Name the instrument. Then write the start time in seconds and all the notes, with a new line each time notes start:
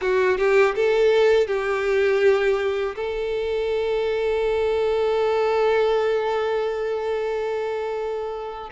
violin
0.01 F#4
0.37 G4
0.75 A4
1.46 G4
2.95 A4